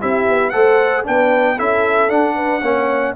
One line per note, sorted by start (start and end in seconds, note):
0.00 0.28 C4
0.00 0.53 E4
0.00 0.52 G4
0.00 0.50 E5
0.28 0.53 B3
0.50 1.06 A3
0.50 1.04 A4
0.50 1.05 C5
0.50 1.03 F#5
1.04 1.60 B3
1.04 1.57 D4
1.04 1.56 B4
1.04 1.59 G5
1.56 2.10 C#4
1.56 2.09 E4
1.56 2.35 A4
1.56 2.10 E5
2.09 2.62 D4
2.09 3.15 F#5
2.36 2.61 B4
2.61 3.15 A#3
2.61 3.16 C#4
2.61 3.13 C#5